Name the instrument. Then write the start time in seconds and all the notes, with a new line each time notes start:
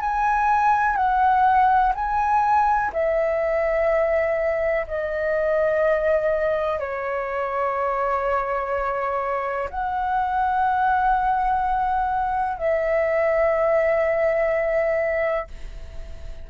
flute
0.00 G#5
0.96 F#5
1.94 G#5
2.93 E5
4.87 D#5
6.79 C#5
9.70 F#5
12.57 E5